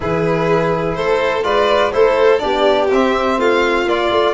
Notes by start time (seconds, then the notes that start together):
0.00 E3 E4 G#4 B4
0.94 A3 A4 C5
1.42 G#3 F4 B4 D5
1.92 A3 E4 A4 C5
2.39 B3 D4 G4 D5
2.90 C4 E5
3.38 A3 F4 F5
3.85 A#3 F4 D5
4.10 A3